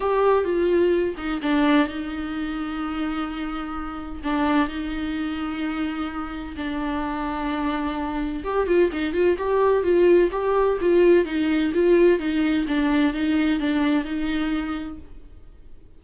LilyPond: \new Staff \with { instrumentName = "viola" } { \time 4/4 \tempo 4 = 128 g'4 f'4. dis'8 d'4 | dis'1~ | dis'4 d'4 dis'2~ | dis'2 d'2~ |
d'2 g'8 f'8 dis'8 f'8 | g'4 f'4 g'4 f'4 | dis'4 f'4 dis'4 d'4 | dis'4 d'4 dis'2 | }